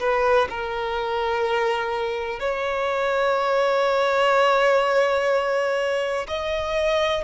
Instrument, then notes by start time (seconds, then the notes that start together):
violin
0.00 B4
0.50 A#4
2.40 C#5
6.28 D#5